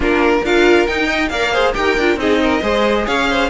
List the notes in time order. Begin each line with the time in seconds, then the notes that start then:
0.00 A#3 D4 F4 A#4
0.43 D4 F4 A#4 F5
0.86 D#4 G5
1.07 D#5
1.28 A#3 A#4 D5 F5
1.53 G#4 C5
1.74 D#4 G4 A#4 G5
1.97 D4 F4
2.16 C4 D#4 G#4 D#5
2.42 A#4
2.62 G#3 G#4 C5
3.06 C#4 C#5 F5
3.30 C5